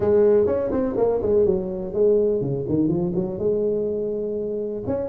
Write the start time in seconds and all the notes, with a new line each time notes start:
0.00 G#3
0.46 C#4
0.71 C4
0.97 A#3
1.22 G#3
1.45 F#3
1.93 G#3
2.41 C#3
2.68 D#3
2.88 F3
3.15 F#3
3.38 G#3
4.87 C#4